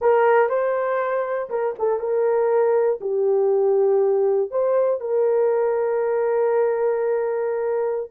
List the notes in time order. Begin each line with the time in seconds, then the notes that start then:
0.01 A#4
0.49 C5
1.49 A#4
1.79 A4
1.99 A#4
3.00 G4
4.50 C5
5.00 A#4